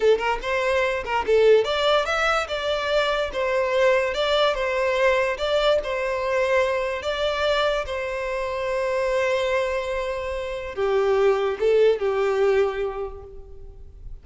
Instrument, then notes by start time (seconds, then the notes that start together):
violin
0.00 A4
0.18 A#4
0.42 C5
1.04 A#4
1.26 A4
1.64 D5
2.05 E5
2.48 D5
3.32 C5
4.14 D5
4.54 C5
5.37 D5
5.83 C5
7.02 D5
7.86 C5
10.75 G4
11.59 A4
11.99 G4